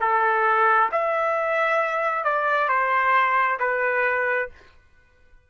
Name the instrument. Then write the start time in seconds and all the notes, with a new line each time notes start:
trumpet
0.00 A4
0.92 E5
2.25 D5
2.69 C5
3.60 B4